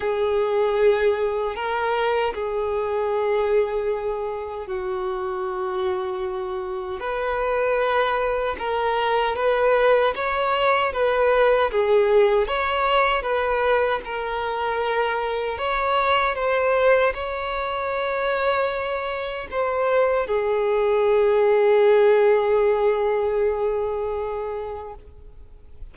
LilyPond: \new Staff \with { instrumentName = "violin" } { \time 4/4 \tempo 4 = 77 gis'2 ais'4 gis'4~ | gis'2 fis'2~ | fis'4 b'2 ais'4 | b'4 cis''4 b'4 gis'4 |
cis''4 b'4 ais'2 | cis''4 c''4 cis''2~ | cis''4 c''4 gis'2~ | gis'1 | }